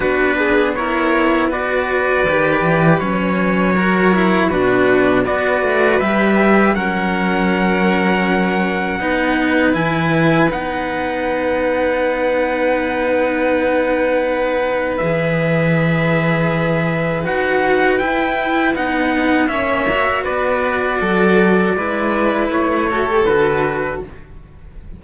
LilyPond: <<
  \new Staff \with { instrumentName = "trumpet" } { \time 4/4 \tempo 4 = 80 b'4 cis''4 d''2 | cis''2 b'4 d''4 | e''4 fis''2.~ | fis''4 gis''4 fis''2~ |
fis''1 | e''2. fis''4 | g''4 fis''4 e''4 d''4~ | d''2 cis''4 b'4 | }
  \new Staff \with { instrumentName = "violin" } { \time 4/4 fis'8 gis'8 ais'4 b'2~ | b'4 ais'4 fis'4 b'4~ | b'4 ais'2. | b'1~ |
b'1~ | b'1~ | b'2 cis''4 b'4 | a'4 b'4. a'4. | }
  \new Staff \with { instrumentName = "cello" } { \time 4/4 d'4 e'4 fis'4 g'4 | cis'4 fis'8 e'8 d'4 fis'4 | g'4 cis'2. | dis'4 e'4 dis'2~ |
dis'1 | gis'2. fis'4 | e'4 dis'4 cis'8 fis'4.~ | fis'4 e'4. fis'16 g'16 fis'4 | }
  \new Staff \with { instrumentName = "cello" } { \time 4/4 b2. dis8 e8 | fis2 b,4 b8 a8 | g4 fis2. | b4 e4 b2~ |
b1 | e2. dis'4 | e'4 b4 ais4 b4 | fis4 gis4 a4 d4 | }
>>